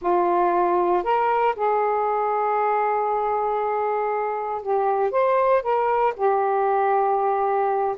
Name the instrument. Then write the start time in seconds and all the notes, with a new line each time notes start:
saxophone
0.01 F4
1.03 A#4
1.55 G#4
4.62 G4
5.11 C5
5.62 A#4
6.16 G4